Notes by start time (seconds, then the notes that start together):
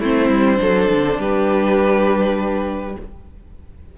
0.00 A3 C4 E4 C5
0.29 G3
0.57 F#3 D4 A4
0.89 D3
1.18 G3 G4 B4